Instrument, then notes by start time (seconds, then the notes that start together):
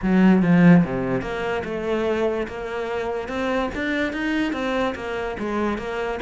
cello
0.02 F#3
0.42 F3
0.84 C3
1.21 A#3
1.64 A3
2.47 A#3
3.28 C4
3.74 D4
4.12 D#4
4.53 C4
4.95 A#3
5.39 G#3
5.77 A#3